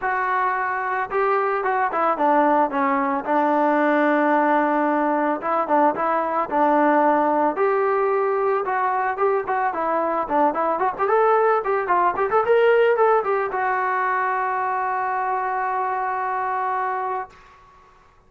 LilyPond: \new Staff \with { instrumentName = "trombone" } { \time 4/4 \tempo 4 = 111 fis'2 g'4 fis'8 e'8 | d'4 cis'4 d'2~ | d'2 e'8 d'8 e'4 | d'2 g'2 |
fis'4 g'8 fis'8 e'4 d'8 e'8 | fis'16 g'16 a'4 g'8 f'8 g'16 a'16 ais'4 | a'8 g'8 fis'2.~ | fis'1 | }